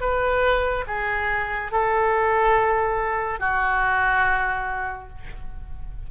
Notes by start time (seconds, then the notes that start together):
0.00 B4
0.87 G#4
1.72 A4
3.40 F#4